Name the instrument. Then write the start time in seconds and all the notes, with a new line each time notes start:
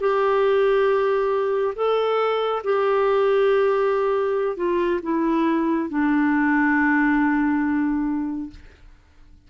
clarinet
0.00 G4
1.75 A4
2.64 G4
4.57 F4
5.02 E4
5.89 D4